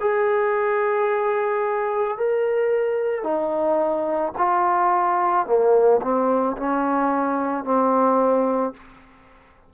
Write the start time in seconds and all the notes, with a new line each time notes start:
0.00 G#4
2.18 A#4
3.23 D#4
4.38 F4
5.46 A#3
6.02 C4
6.57 C#4
7.64 C4